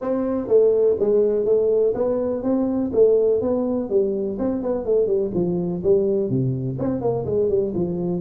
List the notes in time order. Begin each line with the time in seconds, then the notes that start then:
0.01 C4
0.47 A3
0.99 G#3
1.45 A3
1.94 B3
2.42 C4
2.93 A3
3.41 B3
3.89 G3
4.38 C4
4.62 B3
4.85 A3
5.06 G3
5.34 F3
5.83 G3
6.29 C3
6.78 C4
7.01 A#3
7.25 G#3
7.49 G3
7.74 F3